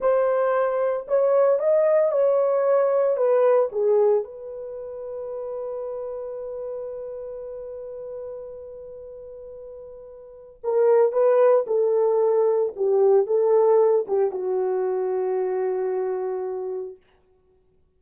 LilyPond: \new Staff \with { instrumentName = "horn" } { \time 4/4 \tempo 4 = 113 c''2 cis''4 dis''4 | cis''2 b'4 gis'4 | b'1~ | b'1~ |
b'1 | ais'4 b'4 a'2 | g'4 a'4. g'8 fis'4~ | fis'1 | }